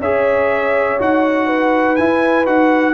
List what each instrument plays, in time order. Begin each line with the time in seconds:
0.00 tuba C#4, trombone G#4, horn C#5, trumpet E5
0.99 tuba D#4, trombone F#4, trumpet F#5
1.47 horn B4
1.96 tuba E4, trombone E4, trumpet G#5
2.46 tuba D#4, trombone F#4, trumpet F#5